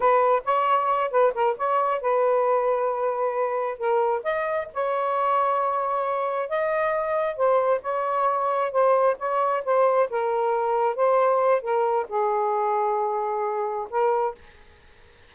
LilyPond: \new Staff \with { instrumentName = "saxophone" } { \time 4/4 \tempo 4 = 134 b'4 cis''4. b'8 ais'8 cis''8~ | cis''8 b'2.~ b'8~ | b'8 ais'4 dis''4 cis''4.~ | cis''2~ cis''8 dis''4.~ |
dis''8 c''4 cis''2 c''8~ | c''8 cis''4 c''4 ais'4.~ | ais'8 c''4. ais'4 gis'4~ | gis'2. ais'4 | }